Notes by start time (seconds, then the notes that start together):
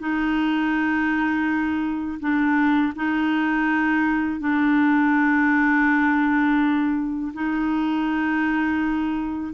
0.00 D#4
2.20 D4
2.96 D#4
4.40 D4
7.34 D#4